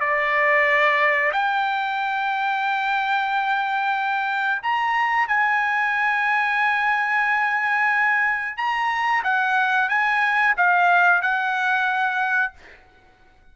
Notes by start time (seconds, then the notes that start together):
0.00 D5
1.32 G5
4.62 A#5
5.27 G#5
8.57 A#5
9.23 F#5
9.89 G#5
10.57 F5
11.21 F#5